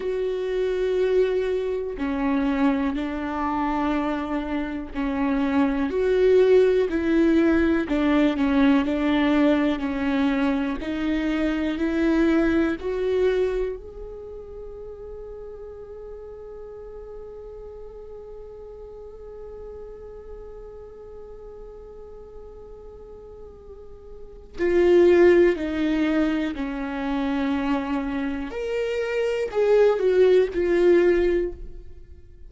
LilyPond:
\new Staff \with { instrumentName = "viola" } { \time 4/4 \tempo 4 = 61 fis'2 cis'4 d'4~ | d'4 cis'4 fis'4 e'4 | d'8 cis'8 d'4 cis'4 dis'4 | e'4 fis'4 gis'2~ |
gis'1~ | gis'1~ | gis'4 f'4 dis'4 cis'4~ | cis'4 ais'4 gis'8 fis'8 f'4 | }